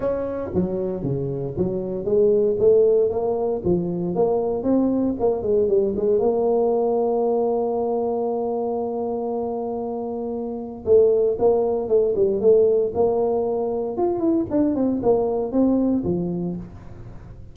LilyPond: \new Staff \with { instrumentName = "tuba" } { \time 4/4 \tempo 4 = 116 cis'4 fis4 cis4 fis4 | gis4 a4 ais4 f4 | ais4 c'4 ais8 gis8 g8 gis8 | ais1~ |
ais1~ | ais4 a4 ais4 a8 g8 | a4 ais2 f'8 e'8 | d'8 c'8 ais4 c'4 f4 | }